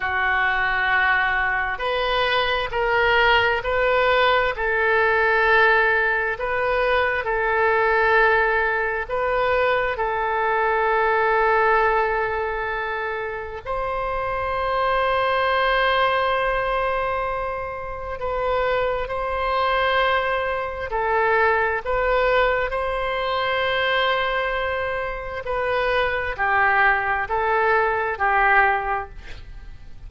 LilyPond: \new Staff \with { instrumentName = "oboe" } { \time 4/4 \tempo 4 = 66 fis'2 b'4 ais'4 | b'4 a'2 b'4 | a'2 b'4 a'4~ | a'2. c''4~ |
c''1 | b'4 c''2 a'4 | b'4 c''2. | b'4 g'4 a'4 g'4 | }